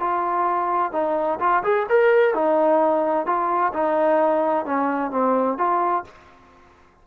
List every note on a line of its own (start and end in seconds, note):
0.00 0.93 F4
0.93 1.39 D#4
1.40 1.63 F4
1.64 1.87 G#4
1.89 2.35 A#4
2.35 3.27 D#4
3.27 3.73 F4
3.74 4.66 D#4
4.66 5.12 C#4
5.12 5.58 C4
5.58 6.05 F4